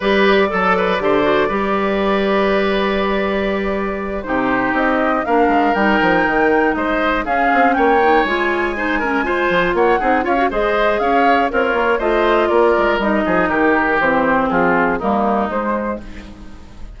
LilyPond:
<<
  \new Staff \with { instrumentName = "flute" } { \time 4/4 \tempo 4 = 120 d''1~ | d''1~ | d''8 c''4 dis''4 f''4 g''8~ | g''4. dis''4 f''4 g''8~ |
g''8 gis''2. fis''8~ | fis''8 f''8 dis''4 f''4 cis''4 | dis''4 d''4 dis''4 ais'4 | c''4 gis'4 ais'4 c''4 | }
  \new Staff \with { instrumentName = "oboe" } { \time 4/4 b'4 a'8 b'8 c''4 b'4~ | b'1~ | b'8 g'2 ais'4.~ | ais'4. c''4 gis'4 cis''8~ |
cis''4. c''8 ais'8 c''4 cis''8 | gis'8 cis''8 c''4 cis''4 f'4 | c''4 ais'4. gis'8 g'4~ | g'4 f'4 dis'2 | }
  \new Staff \with { instrumentName = "clarinet" } { \time 4/4 g'4 a'4 g'8 fis'8 g'4~ | g'1~ | g'8 dis'2 d'4 dis'8~ | dis'2~ dis'8 cis'4. |
dis'8 f'4 dis'8 cis'8 f'4. | dis'8 f'16 fis'16 gis'2 ais'4 | f'2 dis'2 | c'2 ais4 gis4 | }
  \new Staff \with { instrumentName = "bassoon" } { \time 4/4 g4 fis4 d4 g4~ | g1~ | g8 c4 c'4 ais8 gis8 g8 | f8 dis4 gis4 cis'8 c'8 ais8~ |
ais8 gis2~ gis8 f8 ais8 | c'8 cis'8 gis4 cis'4 c'8 ais8 | a4 ais8 gis8 g8 f8 dis4 | e4 f4 g4 gis4 | }
>>